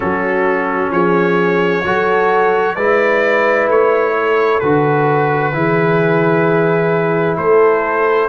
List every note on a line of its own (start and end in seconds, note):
0.00 0.90 F#3
0.00 1.84 C#4
0.00 0.91 F#4
0.00 0.92 A4
0.90 1.82 F3
0.90 1.85 G#4
0.90 2.75 C#5
1.83 2.75 F#3
1.83 2.76 F#4
1.83 2.75 A4
2.75 3.67 G#3
2.75 4.61 E4
2.75 4.13 B4
2.75 3.67 D5
3.67 4.60 A3
3.67 4.59 C#5
4.18 5.55 A4
4.59 5.53 D3
4.59 5.52 F#4
4.59 7.36 B4
5.52 7.37 E3
5.52 8.29 E4
5.52 7.36 G#4
7.36 8.29 A3
7.36 8.29 A4
7.36 8.29 C5